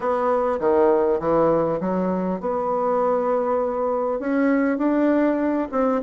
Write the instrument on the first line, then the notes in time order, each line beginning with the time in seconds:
bassoon
0.00 B3
0.59 D#3
1.19 E3
1.80 F#3
2.40 B3
4.19 C#4
4.78 D4
5.71 C4